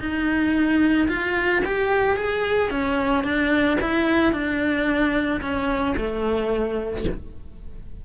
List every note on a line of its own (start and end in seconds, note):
0.00 1.08 D#4
1.09 1.63 F4
1.65 2.17 G4
2.17 2.71 G#4
2.71 3.24 C#4
3.24 3.78 D4
3.81 4.33 E4
4.33 5.41 D4
5.41 5.95 C#4
5.97 7.05 A3